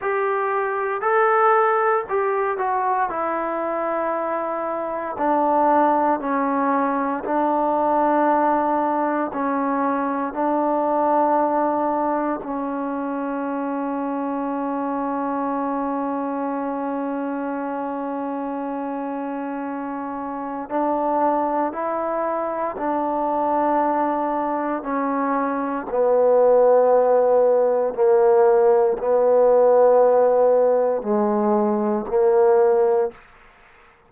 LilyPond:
\new Staff \with { instrumentName = "trombone" } { \time 4/4 \tempo 4 = 58 g'4 a'4 g'8 fis'8 e'4~ | e'4 d'4 cis'4 d'4~ | d'4 cis'4 d'2 | cis'1~ |
cis'1 | d'4 e'4 d'2 | cis'4 b2 ais4 | b2 gis4 ais4 | }